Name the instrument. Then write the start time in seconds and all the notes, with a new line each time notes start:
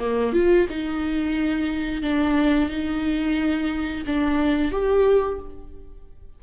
viola
0.00 A#3
0.34 F4
0.70 D#4
2.03 D4
2.70 D#4
4.07 D4
4.72 G4